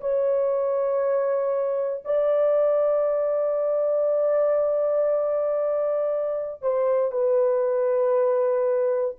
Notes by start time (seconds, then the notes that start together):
0.00 C#5
2.05 D5
6.62 C5
7.11 B4